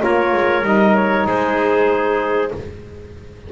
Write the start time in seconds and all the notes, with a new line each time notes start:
0.00 A#3 F4 A#4 C#5
0.33 G#3
0.63 G3 D#4 D#5
0.95 C#5
1.26 G#3 G#4 C5